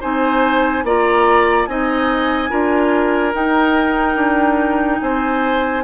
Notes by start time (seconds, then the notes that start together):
0.00 C4 D#4 C5 G#5
0.83 A#3 F4 D5 A#5
1.66 C4 D#4 D#5 G#5
2.49 D4 F4 A#4
3.33 D#4 G5
4.15 D4
5.00 C4 C5 G#5